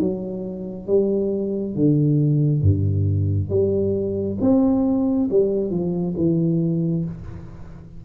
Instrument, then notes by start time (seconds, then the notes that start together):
tuba
0.00 F#3
0.87 G3
1.75 D3
2.62 G2
3.50 G3
4.41 C4
5.31 G3
5.71 F3
6.17 E3